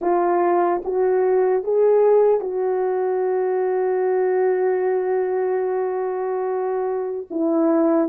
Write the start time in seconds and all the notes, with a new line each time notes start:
0.01 F4
0.84 F#4
1.63 G#4
2.40 F#4
7.30 E4